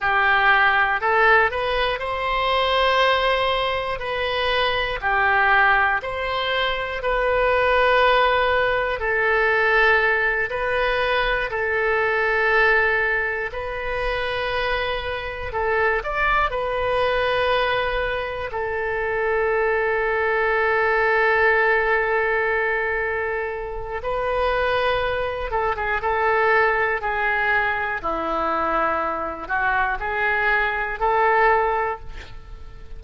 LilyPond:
\new Staff \with { instrumentName = "oboe" } { \time 4/4 \tempo 4 = 60 g'4 a'8 b'8 c''2 | b'4 g'4 c''4 b'4~ | b'4 a'4. b'4 a'8~ | a'4. b'2 a'8 |
d''8 b'2 a'4.~ | a'1 | b'4. a'16 gis'16 a'4 gis'4 | e'4. fis'8 gis'4 a'4 | }